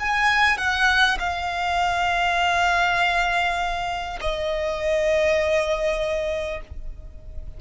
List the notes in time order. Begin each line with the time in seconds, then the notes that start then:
0.00 G#5
0.58 F#5
1.19 F5
4.21 D#5